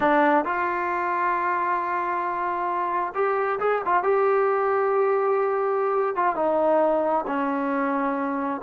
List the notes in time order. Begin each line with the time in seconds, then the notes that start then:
0.00 D4
0.45 F4
3.14 G4
3.59 G#4
3.85 F4
4.03 G4
6.15 F4
6.35 D#4
7.27 C#4